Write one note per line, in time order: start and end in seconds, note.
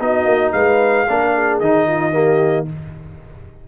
0.00 0.25 B3
0.00 1.07 D#4
0.00 0.53 F#4
0.00 0.52 D#5
0.25 0.51 A#3
0.52 1.07 G#3
0.52 1.06 B4
0.52 1.59 F5
1.06 1.60 A#3
1.06 1.62 D4
1.06 1.33 A#4
1.33 1.87 G#4
1.59 2.68 D#3
1.59 2.12 D#4
1.59 2.66 D#5
1.87 2.13 F4
2.12 2.66 A#3
2.12 2.67 G4